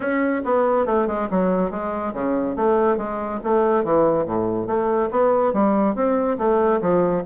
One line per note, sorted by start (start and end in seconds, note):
0.00 0.41 C#4
0.44 0.86 B3
0.86 1.07 A3
1.07 1.28 G#3
1.30 1.70 F#3
1.70 2.13 G#3
2.13 2.56 C#3
2.56 2.97 A3
2.97 3.39 G#3
3.43 3.84 A3
3.84 4.25 E3
4.25 4.67 A2
4.67 5.09 A3
5.11 5.53 B3
5.53 5.95 G3
5.95 6.37 C4
6.38 6.80 A3
6.81 7.23 F3